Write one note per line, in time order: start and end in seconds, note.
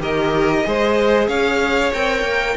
0.00 0.65 D#3
0.00 0.65 G4
0.00 0.67 A#4
0.00 1.29 D#5
0.65 1.28 G#3
0.65 1.94 G#4
0.65 1.28 C5
1.28 1.93 C#4
1.28 2.57 C#5
1.28 1.93 F5
1.93 2.23 C4
1.93 2.57 A#4
1.93 2.57 G5
2.23 2.55 A#3